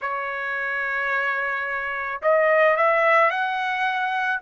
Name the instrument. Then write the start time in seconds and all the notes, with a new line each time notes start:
trumpet
0.01 C#5
2.22 D#5
2.76 E5
3.30 F#5